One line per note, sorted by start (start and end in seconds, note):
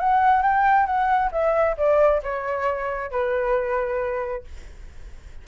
0.00 0.42 F#5
0.42 0.86 G5
0.86 1.31 F#5
1.32 1.77 E5
1.78 2.22 D5
2.23 3.11 C#5
3.11 4.45 B4